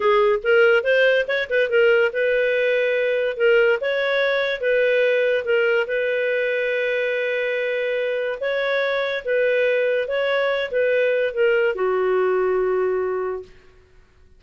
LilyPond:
\new Staff \with { instrumentName = "clarinet" } { \time 4/4 \tempo 4 = 143 gis'4 ais'4 c''4 cis''8 b'8 | ais'4 b'2. | ais'4 cis''2 b'4~ | b'4 ais'4 b'2~ |
b'1 | cis''2 b'2 | cis''4. b'4. ais'4 | fis'1 | }